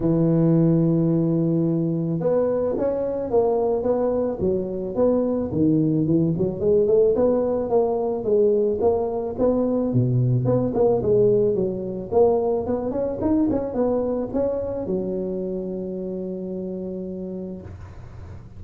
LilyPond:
\new Staff \with { instrumentName = "tuba" } { \time 4/4 \tempo 4 = 109 e1 | b4 cis'4 ais4 b4 | fis4 b4 dis4 e8 fis8 | gis8 a8 b4 ais4 gis4 |
ais4 b4 b,4 b8 ais8 | gis4 fis4 ais4 b8 cis'8 | dis'8 cis'8 b4 cis'4 fis4~ | fis1 | }